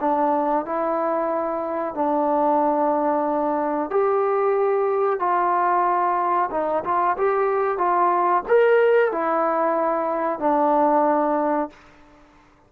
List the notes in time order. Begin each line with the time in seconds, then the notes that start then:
0.00 D4
0.65 E4
1.94 D4
3.90 G4
5.19 F4
6.51 D#4
6.84 F4
7.17 G4
7.78 F4
8.48 A#4
9.12 E4
10.39 D4